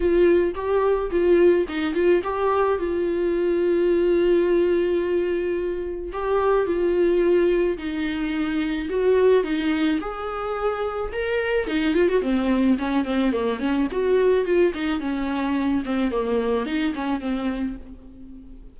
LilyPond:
\new Staff \with { instrumentName = "viola" } { \time 4/4 \tempo 4 = 108 f'4 g'4 f'4 dis'8 f'8 | g'4 f'2.~ | f'2. g'4 | f'2 dis'2 |
fis'4 dis'4 gis'2 | ais'4 dis'8 f'16 fis'16 c'4 cis'8 c'8 | ais8 cis'8 fis'4 f'8 dis'8 cis'4~ | cis'8 c'8 ais4 dis'8 cis'8 c'4 | }